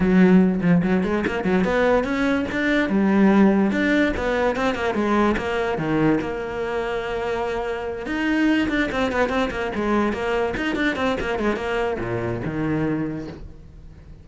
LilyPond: \new Staff \with { instrumentName = "cello" } { \time 4/4 \tempo 4 = 145 fis4. f8 fis8 gis8 ais8 fis8 | b4 cis'4 d'4 g4~ | g4 d'4 b4 c'8 ais8 | gis4 ais4 dis4 ais4~ |
ais2.~ ais8 dis'8~ | dis'4 d'8 c'8 b8 c'8 ais8 gis8~ | gis8 ais4 dis'8 d'8 c'8 ais8 gis8 | ais4 ais,4 dis2 | }